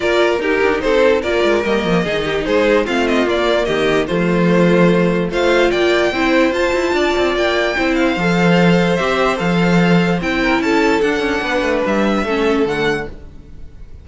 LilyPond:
<<
  \new Staff \with { instrumentName = "violin" } { \time 4/4 \tempo 4 = 147 d''4 ais'4 c''4 d''4 | dis''2 c''4 f''8 dis''8 | d''4 dis''4 c''2~ | c''4 f''4 g''2 |
a''2 g''4. f''8~ | f''2 e''4 f''4~ | f''4 g''4 a''4 fis''4~ | fis''4 e''2 fis''4 | }
  \new Staff \with { instrumentName = "violin" } { \time 4/4 ais'4 g'4 a'4 ais'4~ | ais'4 gis'8 g'8 gis'4 f'4~ | f'4 g'4 f'2~ | f'4 c''4 d''4 c''4~ |
c''4 d''2 c''4~ | c''1~ | c''4. ais'8 a'2 | b'2 a'2 | }
  \new Staff \with { instrumentName = "viola" } { \time 4/4 f'4 dis'2 f'4 | ais4 dis'2 c'4 | ais2 a2~ | a4 f'2 e'4 |
f'2. e'4 | a'2 g'4 a'4~ | a'4 e'2 d'4~ | d'2 cis'4 a4 | }
  \new Staff \with { instrumentName = "cello" } { \time 4/4 ais4 dis'8 d'8 c'4 ais8 gis8 | g8 f8 dis4 gis4 a4 | ais4 dis4 f2~ | f4 a4 ais4 c'4 |
f'8 e'8 d'8 c'8 ais4 c'4 | f2 c'4 f4~ | f4 c'4 cis'4 d'8 cis'8 | b8 a8 g4 a4 d4 | }
>>